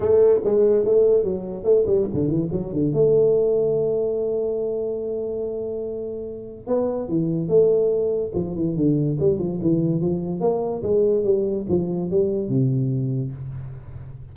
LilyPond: \new Staff \with { instrumentName = "tuba" } { \time 4/4 \tempo 4 = 144 a4 gis4 a4 fis4 | a8 g8 d8 e8 fis8 d8 a4~ | a1~ | a1 |
b4 e4 a2 | f8 e8 d4 g8 f8 e4 | f4 ais4 gis4 g4 | f4 g4 c2 | }